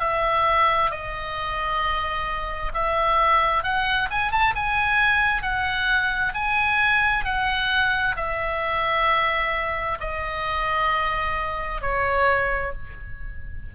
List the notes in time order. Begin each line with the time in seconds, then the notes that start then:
0.00 E5
0.91 D#5
2.74 E5
3.64 F#5
4.11 G#5
4.31 A5
4.56 G#5
5.43 F#5
6.34 G#5
7.25 F#5
8.17 E5
10.00 D#5
11.82 C#5